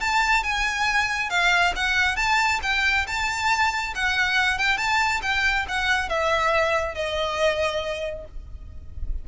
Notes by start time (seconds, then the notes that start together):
0.00 A5
0.43 G#5
1.30 F5
1.76 F#5
2.16 A5
2.62 G5
3.07 A5
3.95 F#5
4.58 G5
4.77 A5
5.22 G5
5.68 F#5
6.09 E5
6.94 D#5